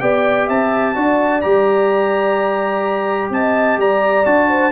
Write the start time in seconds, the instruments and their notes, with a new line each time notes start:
0.00 tuba B3, trombone G4, horn D5, trumpet G5
0.47 tuba C4, horn E5, trumpet A5
0.94 tuba D4, trombone F#4, horn D5
1.41 tuba G3, trombone G4, trumpet A#5
3.30 tuba C4, horn D#5, trumpet A5
3.77 tuba G3, horn D5, trumpet A#5
4.25 tuba D4, trombone F#4, trumpet A5
4.49 horn C5